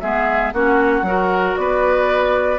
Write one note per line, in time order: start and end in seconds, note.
0.00 0.53 G#3
0.00 0.53 B3
0.00 0.53 G#4
0.00 0.52 E5
0.53 1.02 A#3
0.53 1.05 C#4
0.53 1.06 F#4
0.53 1.56 F#5
1.02 1.54 F#3
1.02 2.59 F#4
1.02 1.59 A#4
1.56 2.59 B3
1.56 2.59 B4
1.56 2.59 D5